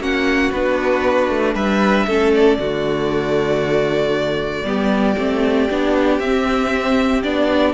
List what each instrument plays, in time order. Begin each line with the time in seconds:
0.00 cello A#3, viola C#4, violin F#4 F#5
0.52 cello B3, viola D4, violin B4
1.30 cello A3
1.55 cello G3, violin B4 E5
2.07 cello A3, viola C#4, violin A4
2.34 violin D5
2.58 cello D3, viola A3, violin F#4
4.64 cello G3, viola B3, violin G4
5.18 cello A3, viola C4
5.70 cello B3, viola D4
6.20 cello C4, viola C4, violin E5
7.24 cello B3, viola D4, violin D5